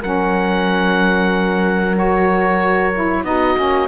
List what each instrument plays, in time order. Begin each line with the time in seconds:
0.00 cello F#3, saxophone C#4, horn A#4, oboe F#5
1.94 saxophone F#4, oboe C#5
2.95 saxophone E4
3.24 cello B3, saxophone D#4, horn F#4, oboe D#5
3.56 cello A#3, saxophone C#4